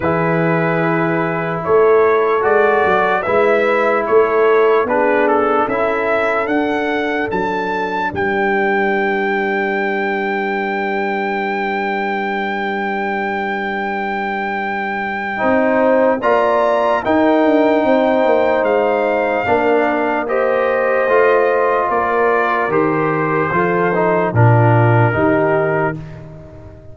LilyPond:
<<
  \new Staff \with { instrumentName = "trumpet" } { \time 4/4 \tempo 4 = 74 b'2 cis''4 d''4 | e''4 cis''4 b'8 a'8 e''4 | fis''4 a''4 g''2~ | g''1~ |
g''1 | ais''4 g''2 f''4~ | f''4 dis''2 d''4 | c''2 ais'2 | }
  \new Staff \with { instrumentName = "horn" } { \time 4/4 gis'2 a'2 | b'4 a'4 gis'4 a'4~ | a'2 b'2~ | b'1~ |
b'2. c''4 | d''4 ais'4 c''2 | ais'4 c''2 ais'4~ | ais'4 a'4 f'4 g'4 | }
  \new Staff \with { instrumentName = "trombone" } { \time 4/4 e'2. fis'4 | e'2 d'4 e'4 | d'1~ | d'1~ |
d'2. dis'4 | f'4 dis'2. | d'4 g'4 f'2 | g'4 f'8 dis'8 d'4 dis'4 | }
  \new Staff \with { instrumentName = "tuba" } { \time 4/4 e2 a4 gis8 fis8 | gis4 a4 b4 cis'4 | d'4 fis4 g2~ | g1~ |
g2. c'4 | ais4 dis'8 d'8 c'8 ais8 gis4 | ais2 a4 ais4 | dis4 f4 ais,4 dis4 | }
>>